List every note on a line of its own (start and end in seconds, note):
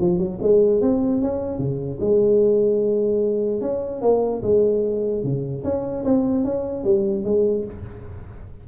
0.00 0.18 F3
0.18 0.38 F#3
0.42 0.81 G#3
0.81 1.21 C4
1.21 1.58 C#4
1.58 1.98 C#3
2.00 3.61 G#3
3.61 4.01 C#4
4.01 4.41 A#3
4.42 5.23 G#3
5.23 5.63 C#3
5.63 6.04 C#4
6.04 6.44 C4
6.44 6.83 C#4
6.83 7.24 G3
7.24 7.64 G#3